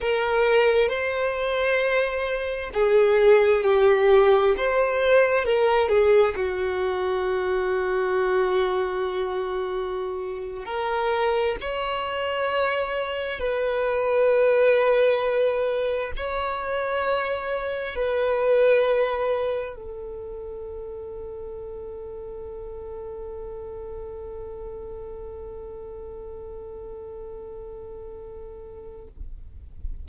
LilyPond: \new Staff \with { instrumentName = "violin" } { \time 4/4 \tempo 4 = 66 ais'4 c''2 gis'4 | g'4 c''4 ais'8 gis'8 fis'4~ | fis'2.~ fis'8. ais'16~ | ais'8. cis''2 b'4~ b'16~ |
b'4.~ b'16 cis''2 b'16~ | b'4.~ b'16 a'2~ a'16~ | a'1~ | a'1 | }